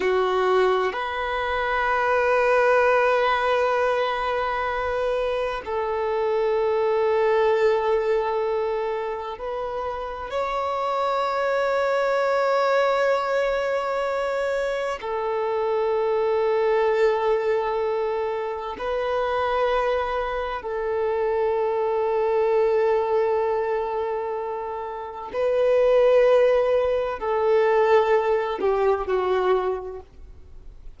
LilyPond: \new Staff \with { instrumentName = "violin" } { \time 4/4 \tempo 4 = 64 fis'4 b'2.~ | b'2 a'2~ | a'2 b'4 cis''4~ | cis''1 |
a'1 | b'2 a'2~ | a'2. b'4~ | b'4 a'4. g'8 fis'4 | }